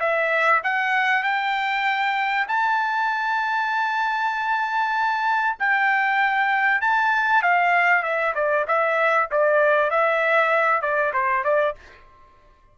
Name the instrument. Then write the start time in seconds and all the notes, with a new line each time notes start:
trumpet
0.00 E5
0.64 F#5
1.23 G5
2.48 A5
5.60 G5
6.81 A5
7.43 F5
8.03 E5
8.35 D5
8.68 E5
9.32 D5
9.91 E5
10.82 D5
11.14 C5
11.44 D5